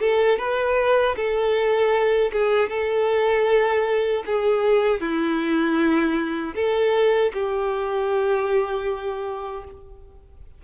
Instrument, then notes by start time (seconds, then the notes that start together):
violin
0.00 A4
0.38 B4
1.16 A4
2.32 G#4
2.70 A4
4.26 G#4
5.01 E4
6.55 A4
7.33 G4